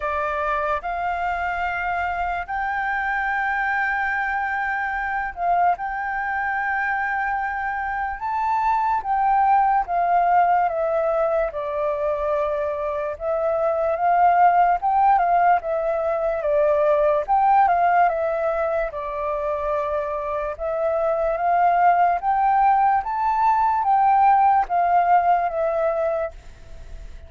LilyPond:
\new Staff \with { instrumentName = "flute" } { \time 4/4 \tempo 4 = 73 d''4 f''2 g''4~ | g''2~ g''8 f''8 g''4~ | g''2 a''4 g''4 | f''4 e''4 d''2 |
e''4 f''4 g''8 f''8 e''4 | d''4 g''8 f''8 e''4 d''4~ | d''4 e''4 f''4 g''4 | a''4 g''4 f''4 e''4 | }